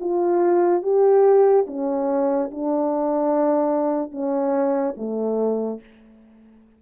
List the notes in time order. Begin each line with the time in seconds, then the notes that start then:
0.00 F4
0.82 G4
1.67 C#4
2.51 D4
4.11 C#4
4.97 A3